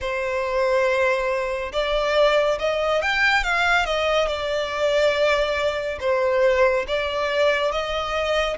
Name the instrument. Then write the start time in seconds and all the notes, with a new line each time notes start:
violin
0.00 C5
1.72 D5
2.59 D#5
3.02 G5
3.43 F5
3.85 D#5
4.27 D5
6.00 C5
6.87 D5
7.71 D#5